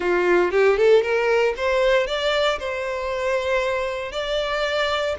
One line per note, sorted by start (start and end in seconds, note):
0.00 0.51 F4
0.51 0.77 G4
0.77 1.02 A4
1.02 1.54 A#4
1.57 2.07 C5
2.07 2.58 D5
2.59 4.12 C5
4.12 5.15 D5